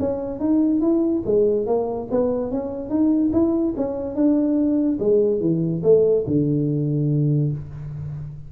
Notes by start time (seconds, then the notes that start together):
0.00 C#4
0.40 D#4
0.81 E4
1.26 G#3
1.67 A#3
2.11 B3
2.52 C#4
2.90 D#4
3.33 E4
3.77 C#4
4.16 D4
5.00 G#3
5.41 E3
5.84 A3
6.27 D3